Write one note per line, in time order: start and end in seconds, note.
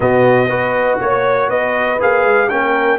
0.00 0.48 B2
0.00 0.49 B3
0.00 0.49 F#4
0.00 0.99 D#5
0.48 0.98 B3
0.48 1.99 F#4
0.48 0.99 B4
1.00 1.49 A#3
1.00 1.49 C#5
1.49 1.99 B3
1.49 2.49 B4
1.49 1.99 D#5
1.99 2.24 A#3
1.99 2.49 G#4
1.99 2.49 F5
2.24 2.49 G#3
2.49 2.99 A#3
2.49 2.99 C#4
2.49 2.99 A#4
2.49 2.99 G5